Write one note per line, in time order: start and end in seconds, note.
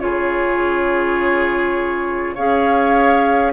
0.00 2.37 C#3
0.00 2.36 F4
0.00 2.35 G#4
0.00 2.35 C#5
2.35 3.53 C#4
2.35 3.53 G#4
2.35 3.52 C#5
2.35 3.53 F5